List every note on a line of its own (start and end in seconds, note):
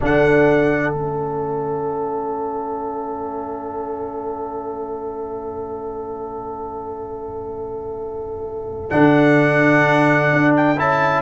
0.00 0.93 D3
0.00 0.93 D4
0.00 11.21 A4
0.00 0.94 F#5
0.93 8.90 A3
0.93 8.90 C#4
0.93 8.90 E5
8.90 10.32 D3
8.90 10.77 D4
8.90 10.54 F#5
10.32 10.79 D4
10.56 10.79 G5
10.77 11.21 C#4
10.77 11.21 E4
10.77 11.21 A5